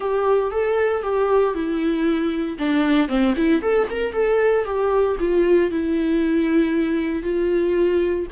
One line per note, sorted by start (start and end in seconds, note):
0.00 0.51 G4
0.51 1.02 A4
1.02 1.54 G4
1.54 2.57 E4
2.58 3.08 D4
3.08 3.34 C4
3.36 3.61 E4
3.61 3.87 A4
3.90 4.12 A#4
4.12 4.64 A4
4.64 5.16 G4
5.19 5.70 F4
5.70 7.22 E4
7.22 8.26 F4